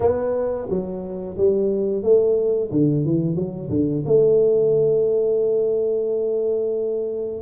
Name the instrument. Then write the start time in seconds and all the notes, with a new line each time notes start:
tuba
0.00 B3
0.69 F#3
1.37 G3
2.03 A3
2.71 D3
3.05 E3
3.35 F#3
3.69 D3
4.05 A3